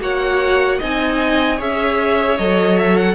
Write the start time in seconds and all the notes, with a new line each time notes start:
0.00 A#3 F#4 C#5 F#5
0.78 C4 D#4 D#5 G#5
1.57 C#4 G#4 C#5 E5
2.38 F#3 A4 D#5
2.77 E5
2.97 F#5